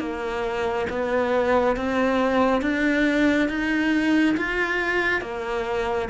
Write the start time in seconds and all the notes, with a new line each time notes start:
0.00 A#3
0.90 B3
1.77 C4
2.62 D4
3.49 D#4
4.37 F4
5.21 A#3